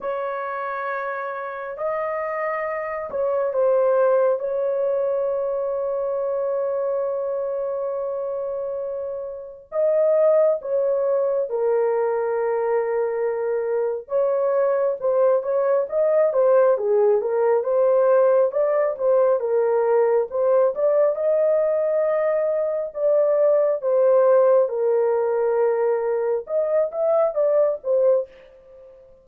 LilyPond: \new Staff \with { instrumentName = "horn" } { \time 4/4 \tempo 4 = 68 cis''2 dis''4. cis''8 | c''4 cis''2.~ | cis''2. dis''4 | cis''4 ais'2. |
cis''4 c''8 cis''8 dis''8 c''8 gis'8 ais'8 | c''4 d''8 c''8 ais'4 c''8 d''8 | dis''2 d''4 c''4 | ais'2 dis''8 e''8 d''8 c''8 | }